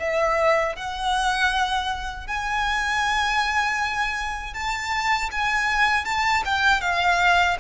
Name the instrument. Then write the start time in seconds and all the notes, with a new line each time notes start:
violin
0.00 E5
0.76 F#5
2.27 G#5
4.54 A5
5.32 G#5
6.05 A5
6.45 G5
6.81 F5